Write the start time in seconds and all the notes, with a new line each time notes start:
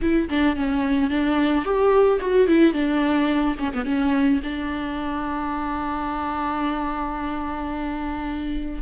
0.01 E4
0.29 D4
0.56 C#4
1.10 D4
1.64 G4
2.20 F#4
2.47 E4
2.73 D4
3.59 C#4
3.73 B3
3.85 C#4
4.43 D4